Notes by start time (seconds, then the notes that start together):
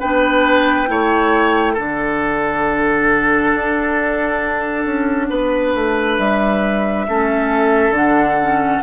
0.00 B3 D4 B4 G5
0.87 A3 E4 C#5
1.73 D3 D4 A4 F#5
3.54 D4
4.85 C#4
5.29 B3 B4
5.74 A3
6.18 G3 E5
7.08 A3 C#4 A4
7.90 D3 D4 F#5
8.41 C#4